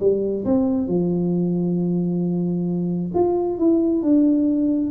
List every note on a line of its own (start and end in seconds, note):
0.00 0.45 G3
0.45 0.88 C4
0.88 3.12 F3
3.15 3.59 F4
3.59 4.03 E4
4.03 4.91 D4